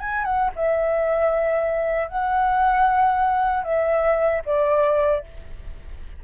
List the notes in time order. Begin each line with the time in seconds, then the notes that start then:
0.00 G#5
0.25 F#5
0.56 E5
2.08 F#5
3.64 E5
4.46 D5